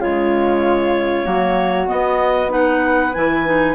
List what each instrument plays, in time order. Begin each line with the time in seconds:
0.00 bassoon C#3, clarinet G#3 C#5, flute F4
1.23 bassoon F#3, clarinet A#3, flute F#4
1.86 clarinet B3 D#5, bassoon B3
2.49 clarinet D#4 F#5, flute B4
3.13 bassoon E3, clarinet E4 G#5
3.45 clarinet D#4